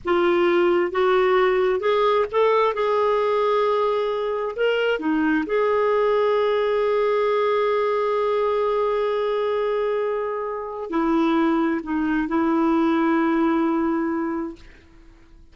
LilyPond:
\new Staff \with { instrumentName = "clarinet" } { \time 4/4 \tempo 4 = 132 f'2 fis'2 | gis'4 a'4 gis'2~ | gis'2 ais'4 dis'4 | gis'1~ |
gis'1~ | gis'1 | e'2 dis'4 e'4~ | e'1 | }